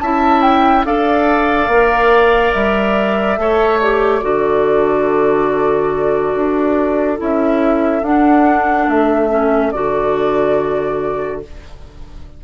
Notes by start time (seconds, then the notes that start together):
0.00 C#4 E4 E5 A5
0.42 G5
0.84 D4 A4 D5 F5
1.68 A#3 A#4
2.54 G3 E5
3.37 A3 A4 C#5
3.81 G4 D5
4.22 D3 F#4 A4
6.35 D4
7.17 C#4 E4 E5
8.02 D4 F#5
8.87 A3 E5
9.30 C#4
9.71 D3 F#4 D5